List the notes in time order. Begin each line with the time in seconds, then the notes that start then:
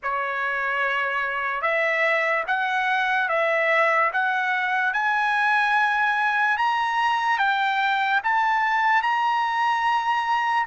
0.03 C#5
1.61 E5
2.47 F#5
3.29 E5
4.12 F#5
4.93 G#5
6.57 A#5
7.38 G5
8.23 A5
9.02 A#5